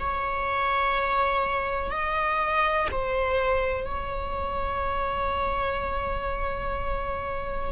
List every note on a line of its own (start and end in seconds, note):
0.00 1.91 C#5
1.91 2.88 D#5
2.92 3.85 C5
3.85 7.72 C#5